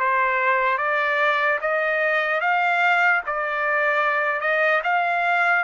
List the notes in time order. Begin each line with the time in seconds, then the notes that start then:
0.00 C5
0.78 D5
1.61 D#5
2.41 F5
3.27 D5
4.41 D#5
4.84 F5